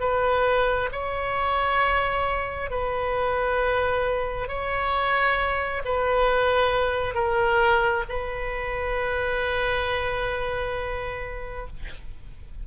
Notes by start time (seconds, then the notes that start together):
0.00 B4
0.92 C#5
2.71 B4
4.48 C#5
5.85 B4
7.15 A#4
8.09 B4